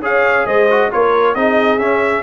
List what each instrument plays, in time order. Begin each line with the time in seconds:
0.00 tuba C#4, trombone G#4, horn C#5, trumpet F5
0.46 tuba G#3, horn C5, trumpet D#5
0.70 trombone F#4
0.92 tuba A#3, trombone F4, horn A#4, trumpet C#5
1.35 tuba C4, trombone D#4, horn G#4, trumpet D#5
1.78 tuba C#4, trombone C#4, trumpet E5